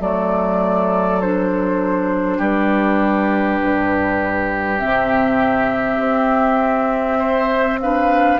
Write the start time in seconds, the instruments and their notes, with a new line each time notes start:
0.00 bassoon F#3, clarinet A3, oboe A4, flute D5
1.21 clarinet D4, flute C5
2.38 bassoon G3, oboe G4, flute B4
3.63 bassoon G2
4.78 clarinet C4, flute E5
4.84 bassoon C3
5.99 bassoon C4
7.19 oboe C5
7.81 clarinet D4, oboe B4, flute F5